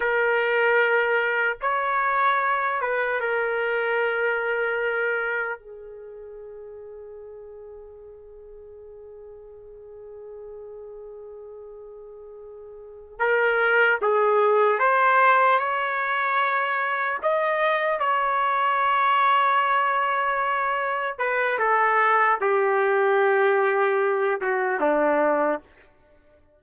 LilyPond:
\new Staff \with { instrumentName = "trumpet" } { \time 4/4 \tempo 4 = 75 ais'2 cis''4. b'8 | ais'2. gis'4~ | gis'1~ | gis'1~ |
gis'8 ais'4 gis'4 c''4 cis''8~ | cis''4. dis''4 cis''4.~ | cis''2~ cis''8 b'8 a'4 | g'2~ g'8 fis'8 d'4 | }